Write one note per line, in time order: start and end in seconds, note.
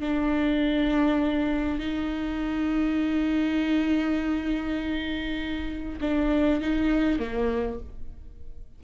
0.00 1.79 D4
1.79 5.99 D#4
6.01 6.61 D4
6.61 7.19 D#4
7.19 7.79 A#3